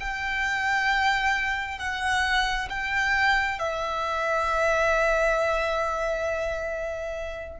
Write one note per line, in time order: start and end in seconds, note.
0.00 1.79 G5
1.79 2.68 F#5
2.69 3.59 G5
3.59 7.60 E5